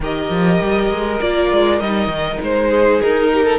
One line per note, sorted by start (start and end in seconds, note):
0.00 0.29 D#3
0.00 1.21 G4
0.00 2.69 A#4
0.00 1.21 D#5
0.29 0.59 F3
0.61 0.90 G3
0.90 1.20 G#3
1.21 1.52 A#3
1.21 1.81 F4
1.21 1.79 D5
1.52 1.80 G#3
1.79 2.07 G3
1.79 3.58 D#4
1.79 2.39 D#5
2.07 2.37 D#3
2.41 3.01 G#3
2.41 3.01 C5
2.69 3.29 G#4
3.01 3.58 D#4
3.01 3.58 A#4
3.33 3.44 G4
3.44 3.58 A4